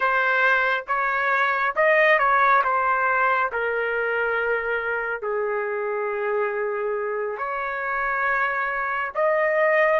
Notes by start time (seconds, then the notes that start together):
0.00 C5
0.87 C#5
1.75 D#5
2.19 C#5
2.64 C5
3.51 A#4
5.21 G#4
7.38 C#5
9.15 D#5